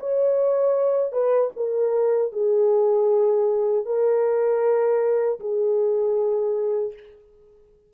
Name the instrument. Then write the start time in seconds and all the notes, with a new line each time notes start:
horn
0.00 C#5
1.12 B4
1.56 A#4
2.33 G#4
3.85 A#4
5.40 G#4